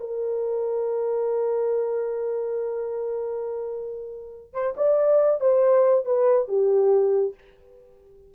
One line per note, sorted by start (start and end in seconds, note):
0.00 4.53 A#4
4.53 4.75 C5
4.77 5.41 D5
5.41 6.05 C5
6.05 6.48 B4
6.48 7.34 G4